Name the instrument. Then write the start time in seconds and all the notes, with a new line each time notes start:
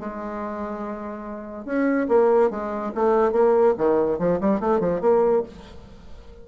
bassoon
0.00 G#3
1.66 C#4
2.09 A#3
2.51 G#3
2.95 A3
3.33 A#3
3.78 D#3
4.19 F3
4.41 G3
4.60 A3
4.80 F3
5.01 A#3